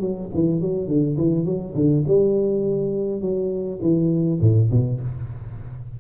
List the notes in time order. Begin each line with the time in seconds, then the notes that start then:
0.00 F#3
0.34 E3
0.61 F#3
0.88 D3
1.18 E3
1.45 F#3
1.75 D3
2.07 G3
3.21 F#3
3.82 E3
4.41 A2
4.71 B2